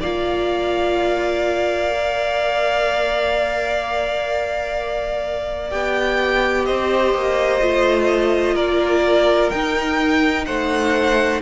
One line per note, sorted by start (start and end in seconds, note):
0.00 5.73 A#3
0.00 1.90 F4
0.00 6.65 D5
0.00 5.70 F5
1.90 5.71 A#4
5.70 6.68 B3
5.70 7.61 G4
5.70 6.65 G5
6.65 7.14 C4
6.65 8.55 C5
6.65 8.56 D#5
7.14 7.61 A#3
7.61 8.55 A3
7.61 9.51 F4
8.55 9.50 A#3
8.55 10.45 A#4
8.55 9.50 D5
9.50 11.41 D#4
9.50 10.47 D#4
9.50 10.45 G5
10.46 11.41 A3
10.46 11.41 C5
10.46 11.41 F#5